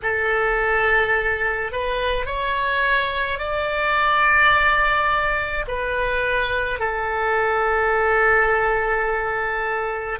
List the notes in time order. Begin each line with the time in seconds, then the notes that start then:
0.02 A4
1.71 B4
2.25 C#5
3.39 D5
5.67 B4
6.79 A4